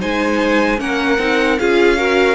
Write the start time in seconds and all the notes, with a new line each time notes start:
0.00 G#3 D#4 C5 G#5
0.77 A#3 C#4 A#4 F#5
1.18 C4 D#4
1.59 C#4 F4 G#4 F5
1.97 F#4 A#4